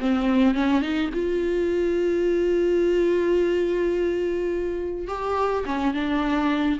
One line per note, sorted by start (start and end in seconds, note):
0.00 0.54 C4
0.54 0.82 C#4
0.82 1.10 D#4
1.13 5.08 F4
5.08 5.64 G4
5.66 5.94 C#4
5.94 6.79 D4